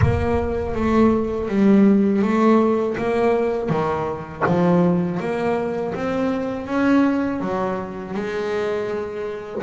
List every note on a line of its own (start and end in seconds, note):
0.01 0.74 A#3
0.74 1.48 A3
1.48 2.22 G3
2.22 2.96 A3
2.97 3.69 A#3
3.69 4.43 D#3
4.46 5.20 F3
5.20 5.94 A#3
5.94 6.66 C4
6.66 7.40 C#4
7.40 8.14 F#3
8.14 9.62 G#3